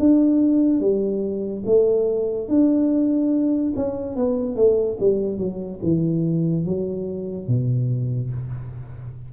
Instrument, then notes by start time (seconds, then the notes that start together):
tuba
0.00 D4
0.81 G3
1.66 A3
2.49 D4
3.76 C#4
4.16 B3
4.56 A3
5.00 G3
5.38 F#3
5.83 E3
6.66 F#3
7.48 B2